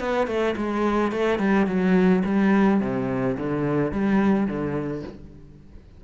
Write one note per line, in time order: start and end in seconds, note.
0.00 0.28 B3
0.28 0.56 A3
0.57 1.12 G#3
1.12 1.40 A3
1.40 1.67 G3
1.67 2.23 F#3
2.25 2.81 G3
2.81 3.37 C3
3.38 3.92 D3
3.92 4.47 G3
4.47 5.03 D3